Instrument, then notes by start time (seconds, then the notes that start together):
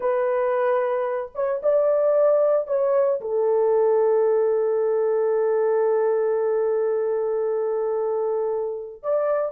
horn
0.00 B4
1.34 C#5
1.62 D5
2.67 C#5
3.21 A4
9.02 D5